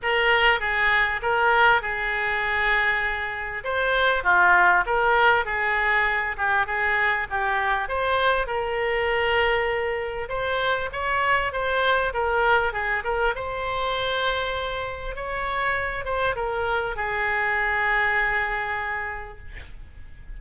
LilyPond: \new Staff \with { instrumentName = "oboe" } { \time 4/4 \tempo 4 = 99 ais'4 gis'4 ais'4 gis'4~ | gis'2 c''4 f'4 | ais'4 gis'4. g'8 gis'4 | g'4 c''4 ais'2~ |
ais'4 c''4 cis''4 c''4 | ais'4 gis'8 ais'8 c''2~ | c''4 cis''4. c''8 ais'4 | gis'1 | }